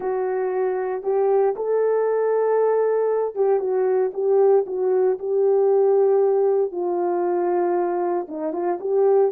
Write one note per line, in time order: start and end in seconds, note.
0.00 1.03 F#4
1.03 1.54 G4
1.56 3.35 A4
3.35 3.59 G4
3.59 4.11 F#4
4.13 4.65 G4
4.66 5.18 F#4
5.18 6.71 G4
6.71 8.26 F4
8.28 8.53 D#4
8.53 8.78 F4
8.80 9.32 G4